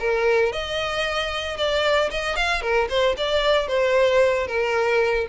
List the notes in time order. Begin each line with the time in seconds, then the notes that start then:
0.00 A#4
0.53 D#5
1.57 D5
2.11 D#5
2.37 F5
2.62 A#4
2.90 C5
3.18 D5
3.68 C5
4.48 A#4